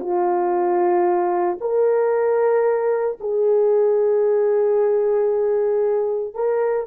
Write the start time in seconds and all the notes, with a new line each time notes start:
0.00 F4
1.60 A#4
3.20 G#4
6.34 A#4